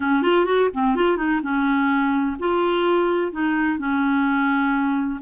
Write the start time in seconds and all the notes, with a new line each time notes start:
0.00 C#4
0.22 F4
0.45 F#4
0.73 C4
0.95 F4
1.17 D#4
1.42 C#4
2.39 F4
3.32 D#4
3.78 C#4